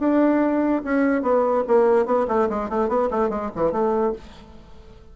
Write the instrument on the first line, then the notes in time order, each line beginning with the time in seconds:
bassoon
0.00 D4
0.85 C#4
1.23 B3
1.68 A#3
2.06 B3
2.28 A3
2.50 G#3
2.70 A3
2.89 B3
3.11 A3
3.30 G#3
3.56 E3
3.72 A3